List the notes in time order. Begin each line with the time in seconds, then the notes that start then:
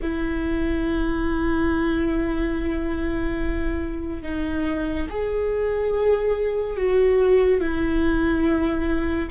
0.02 E4
4.22 D#4
5.09 G#4
6.76 F#4
7.60 E4